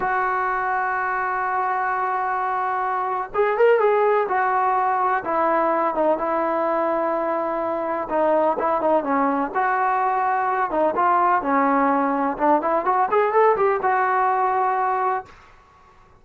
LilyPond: \new Staff \with { instrumentName = "trombone" } { \time 4/4 \tempo 4 = 126 fis'1~ | fis'2. gis'8 ais'8 | gis'4 fis'2 e'4~ | e'8 dis'8 e'2.~ |
e'4 dis'4 e'8 dis'8 cis'4 | fis'2~ fis'8 dis'8 f'4 | cis'2 d'8 e'8 fis'8 gis'8 | a'8 g'8 fis'2. | }